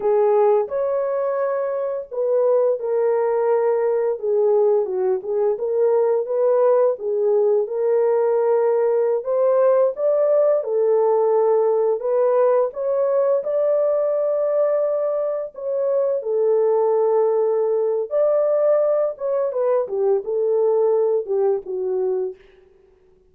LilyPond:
\new Staff \with { instrumentName = "horn" } { \time 4/4 \tempo 4 = 86 gis'4 cis''2 b'4 | ais'2 gis'4 fis'8 gis'8 | ais'4 b'4 gis'4 ais'4~ | ais'4~ ais'16 c''4 d''4 a'8.~ |
a'4~ a'16 b'4 cis''4 d''8.~ | d''2~ d''16 cis''4 a'8.~ | a'2 d''4. cis''8 | b'8 g'8 a'4. g'8 fis'4 | }